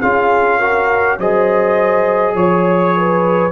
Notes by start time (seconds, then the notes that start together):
0.00 C#4 F4 G#4 F5
0.59 F#4 A#4
1.18 F#3 G#4 C5 D#5
2.34 F3 C#5
2.96 B4